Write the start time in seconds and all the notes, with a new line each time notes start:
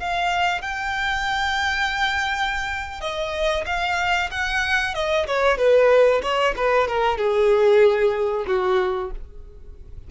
0.00 F5
0.62 G5
3.01 D#5
3.66 F5
4.31 F#5
4.95 D#5
5.27 C#5
5.58 B4
6.23 C#5
6.57 B4
6.88 A#4
7.18 G#4
8.47 F#4